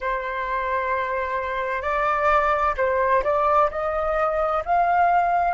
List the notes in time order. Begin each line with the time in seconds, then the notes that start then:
0.00 C5
1.82 D5
2.77 C5
3.23 D5
3.70 D#5
4.65 F5